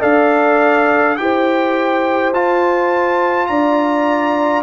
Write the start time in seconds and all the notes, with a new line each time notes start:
0.00 D4 A4 D5 F5
1.17 E4 G4 C5 G5
2.33 F4 A5
3.47 D4 D5 A#5